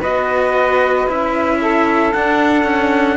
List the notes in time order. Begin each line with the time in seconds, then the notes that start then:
0.00 B3 F#4 B4 D#5
1.08 C#4 E4 E5
1.61 A4
2.13 D4 F#5
2.64 C#4